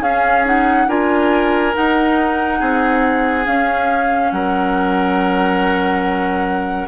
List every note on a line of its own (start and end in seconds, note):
0.00 0.86 C#4
0.00 0.45 C#4
0.00 0.87 G#4
0.00 0.45 F5
0.45 0.88 D#4
0.45 0.88 F#5
0.87 1.73 D4
0.87 1.73 F4
0.87 2.59 A#4
0.87 1.74 G#5
1.73 3.45 D#4
1.73 2.60 D#4
1.73 3.46 F#5
2.59 3.46 C4
2.59 4.30 G#4
3.46 6.88 C#4
3.46 4.31 C#4
3.46 4.31 F5
4.31 6.88 F#3
4.31 6.88 A#4
4.31 6.88 F#5